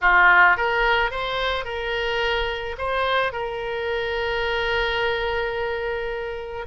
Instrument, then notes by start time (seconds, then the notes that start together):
oboe
0.01 F4
0.56 A#4
1.11 C5
1.65 A#4
2.78 C5
3.32 A#4